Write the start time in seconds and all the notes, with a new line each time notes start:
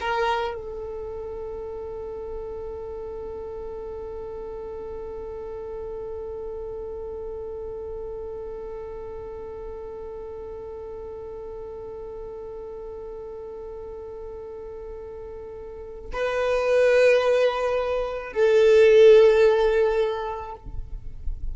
0.00 A#4
0.55 A4
16.13 B4
18.33 A4